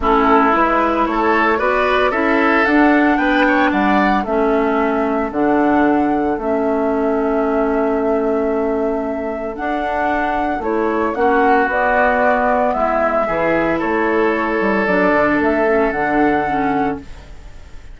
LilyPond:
<<
  \new Staff \with { instrumentName = "flute" } { \time 4/4 \tempo 4 = 113 a'4 b'4 cis''4 d''4 | e''4 fis''4 g''4 fis''4 | e''2 fis''2 | e''1~ |
e''2 fis''2 | cis''4 fis''4 d''2 | e''2 cis''2 | d''4 e''4 fis''2 | }
  \new Staff \with { instrumentName = "oboe" } { \time 4/4 e'2 a'4 b'4 | a'2 b'8 cis''8 d''4 | a'1~ | a'1~ |
a'1~ | a'4 fis'2. | e'4 gis'4 a'2~ | a'1 | }
  \new Staff \with { instrumentName = "clarinet" } { \time 4/4 cis'4 e'2 fis'4 | e'4 d'2. | cis'2 d'2 | cis'1~ |
cis'2 d'2 | e'4 cis'4 b2~ | b4 e'2. | d'4. cis'8 d'4 cis'4 | }
  \new Staff \with { instrumentName = "bassoon" } { \time 4/4 a4 gis4 a4 b4 | cis'4 d'4 b4 g4 | a2 d2 | a1~ |
a2 d'2 | a4 ais4 b2 | gis4 e4 a4. g8 | fis8 d8 a4 d2 | }
>>